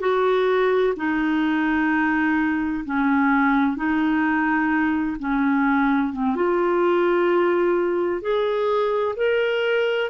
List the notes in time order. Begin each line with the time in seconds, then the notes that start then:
0.00 F#4
0.96 D#4
2.85 C#4
3.76 D#4
5.19 C#4
6.13 C4
6.35 F4
8.22 G#4
9.16 A#4